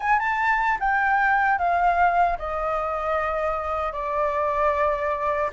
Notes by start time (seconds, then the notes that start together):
0.00 G#5
0.19 A5
0.79 G5
1.58 F5
2.38 D#5
3.92 D5